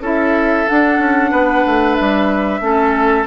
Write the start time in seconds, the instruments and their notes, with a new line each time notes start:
0.00 bassoon C#4, clarinet E4, oboe A4, flute E5
0.67 clarinet D4, bassoon D4, flute F#5
0.98 bassoon C#4
1.31 bassoon B3, oboe B4
1.66 bassoon A3
1.95 bassoon G3, flute E5
2.60 bassoon A3, clarinet C#4, oboe A4